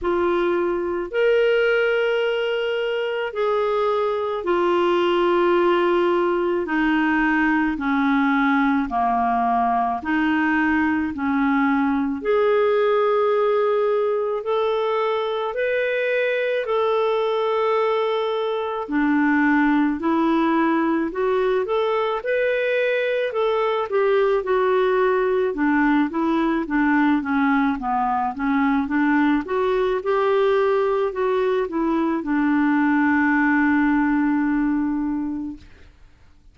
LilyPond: \new Staff \with { instrumentName = "clarinet" } { \time 4/4 \tempo 4 = 54 f'4 ais'2 gis'4 | f'2 dis'4 cis'4 | ais4 dis'4 cis'4 gis'4~ | gis'4 a'4 b'4 a'4~ |
a'4 d'4 e'4 fis'8 a'8 | b'4 a'8 g'8 fis'4 d'8 e'8 | d'8 cis'8 b8 cis'8 d'8 fis'8 g'4 | fis'8 e'8 d'2. | }